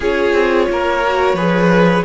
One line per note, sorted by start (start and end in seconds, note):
0.00 0.33 C#4
0.00 1.04 F4
0.00 0.66 G#4
0.00 2.04 C#5
0.33 0.67 C4
0.69 1.33 A#3
0.69 1.35 A#4
1.06 1.37 F#4
1.33 2.01 F3
1.33 2.04 G#4
1.33 2.03 B4